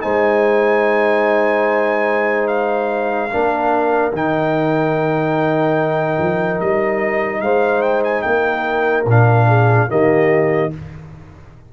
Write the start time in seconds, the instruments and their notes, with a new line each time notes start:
0.00 tuba G#3, trombone D#4, horn C5, trumpet G#5
2.47 trumpet F5
3.29 tuba A#3, trombone D4, horn A#4
4.12 tuba D#3, trombone D#4, trumpet G5
6.19 tuba F3
6.60 tuba G3, trumpet D#5
7.41 tuba G#3, horn C5, trumpet F5
7.82 trumpet G5
8.04 trumpet G#5
8.22 tuba A#3, trumpet G5
8.28 horn A#4
9.05 tuba A#2, trombone D4, trumpet F5
9.48 horn G#4
9.88 tuba D#3, trombone A#3, horn G4, trumpet D#5